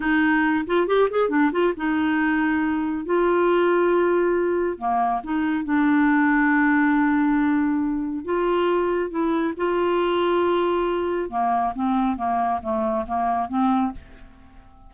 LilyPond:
\new Staff \with { instrumentName = "clarinet" } { \time 4/4 \tempo 4 = 138 dis'4. f'8 g'8 gis'8 d'8 f'8 | dis'2. f'4~ | f'2. ais4 | dis'4 d'2.~ |
d'2. f'4~ | f'4 e'4 f'2~ | f'2 ais4 c'4 | ais4 a4 ais4 c'4 | }